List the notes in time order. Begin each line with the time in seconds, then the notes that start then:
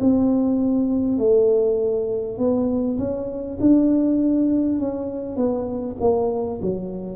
0.00 C4
1.18 A3
2.38 B3
2.98 C#4
3.61 D4
4.79 C#4
5.36 B3
6.01 A#3
6.62 F#3